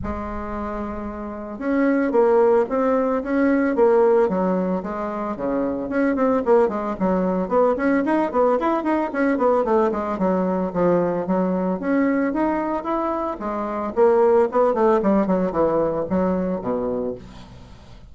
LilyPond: \new Staff \with { instrumentName = "bassoon" } { \time 4/4 \tempo 4 = 112 gis2. cis'4 | ais4 c'4 cis'4 ais4 | fis4 gis4 cis4 cis'8 c'8 | ais8 gis8 fis4 b8 cis'8 dis'8 b8 |
e'8 dis'8 cis'8 b8 a8 gis8 fis4 | f4 fis4 cis'4 dis'4 | e'4 gis4 ais4 b8 a8 | g8 fis8 e4 fis4 b,4 | }